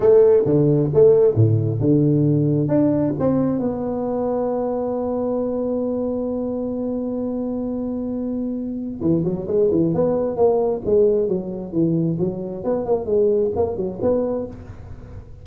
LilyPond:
\new Staff \with { instrumentName = "tuba" } { \time 4/4 \tempo 4 = 133 a4 d4 a4 a,4 | d2 d'4 c'4 | b1~ | b1~ |
b1 | e8 fis8 gis8 e8 b4 ais4 | gis4 fis4 e4 fis4 | b8 ais8 gis4 ais8 fis8 b4 | }